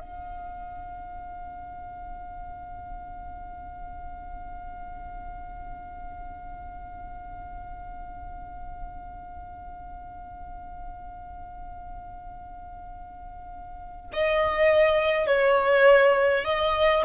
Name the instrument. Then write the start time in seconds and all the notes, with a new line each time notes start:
violin
0.00 F5
14.13 D#5
15.27 C#5
16.45 D#5